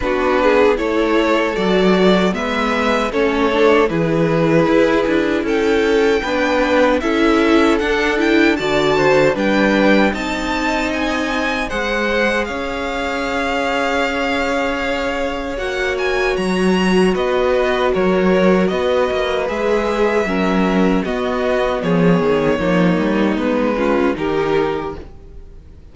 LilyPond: <<
  \new Staff \with { instrumentName = "violin" } { \time 4/4 \tempo 4 = 77 b'4 cis''4 d''4 e''4 | cis''4 b'2 g''4~ | g''4 e''4 fis''8 g''8 a''4 | g''4 a''4 gis''4 fis''4 |
f''1 | fis''8 gis''8 ais''4 dis''4 cis''4 | dis''4 e''2 dis''4 | cis''2 b'4 ais'4 | }
  \new Staff \with { instrumentName = "violin" } { \time 4/4 fis'8 gis'8 a'2 b'4 | a'4 gis'2 a'4 | b'4 a'2 d''8 c''8 | b'4 dis''2 c''4 |
cis''1~ | cis''2 b'4 ais'4 | b'2 ais'4 fis'4 | gis'4 dis'4. f'8 g'4 | }
  \new Staff \with { instrumentName = "viola" } { \time 4/4 d'4 e'4 fis'4 b4 | cis'8 d'8 e'2. | d'4 e'4 d'8 e'8 fis'4 | d'4 dis'2 gis'4~ |
gis'1 | fis'1~ | fis'4 gis'4 cis'4 b4~ | b4 ais4 b8 cis'8 dis'4 | }
  \new Staff \with { instrumentName = "cello" } { \time 4/4 b4 a4 fis4 gis4 | a4 e4 e'8 d'8 cis'4 | b4 cis'4 d'4 d4 | g4 c'2 gis4 |
cis'1 | ais4 fis4 b4 fis4 | b8 ais8 gis4 fis4 b4 | f8 dis8 f8 g8 gis4 dis4 | }
>>